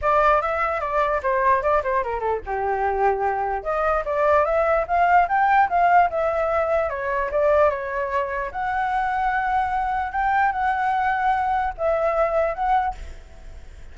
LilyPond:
\new Staff \with { instrumentName = "flute" } { \time 4/4 \tempo 4 = 148 d''4 e''4 d''4 c''4 | d''8 c''8 ais'8 a'8 g'2~ | g'4 dis''4 d''4 e''4 | f''4 g''4 f''4 e''4~ |
e''4 cis''4 d''4 cis''4~ | cis''4 fis''2.~ | fis''4 g''4 fis''2~ | fis''4 e''2 fis''4 | }